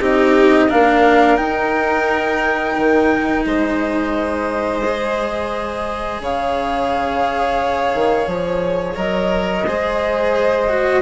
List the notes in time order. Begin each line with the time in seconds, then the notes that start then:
0.00 C4 D#4 G4 D#5
0.68 A#3 D4 A#4 F5
1.37 D#4 G5
2.78 D#3
3.45 G#3 C5 D#5
4.85 G#4
6.21 C#3 C#5 F5
7.94 D#3
8.28 F3 C#5
8.96 F#3 A#4 D#5
9.67 G#3 G#4 C5
10.70 F#4